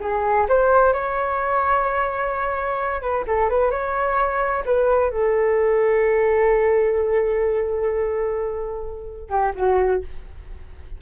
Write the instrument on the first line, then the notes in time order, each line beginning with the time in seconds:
flute
0.00 G#4
0.48 C5
0.93 C#5
3.01 B4
3.26 A4
3.49 B4
3.71 C#5
4.65 B4
5.10 A4
9.29 G4
9.54 F#4